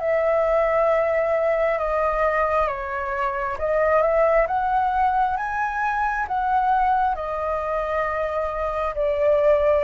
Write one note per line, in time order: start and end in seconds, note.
0.00 1.79 E5
1.79 2.68 D#5
2.68 3.58 C#5
3.59 4.03 D#5
4.03 4.47 E5
4.48 5.37 F#5
5.37 6.26 G#5
6.28 7.16 F#5
7.16 8.95 D#5
8.95 9.85 D5